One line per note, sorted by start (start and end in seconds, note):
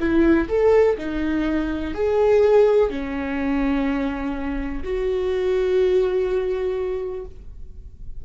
0.00 0.48 E4
0.49 0.97 A4
0.98 1.95 D#4
1.95 2.90 G#4
2.90 4.84 C#4
4.84 7.26 F#4